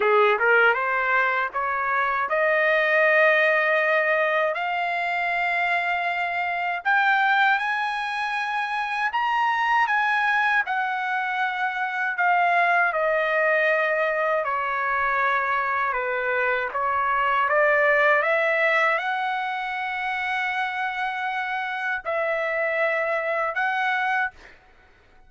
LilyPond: \new Staff \with { instrumentName = "trumpet" } { \time 4/4 \tempo 4 = 79 gis'8 ais'8 c''4 cis''4 dis''4~ | dis''2 f''2~ | f''4 g''4 gis''2 | ais''4 gis''4 fis''2 |
f''4 dis''2 cis''4~ | cis''4 b'4 cis''4 d''4 | e''4 fis''2.~ | fis''4 e''2 fis''4 | }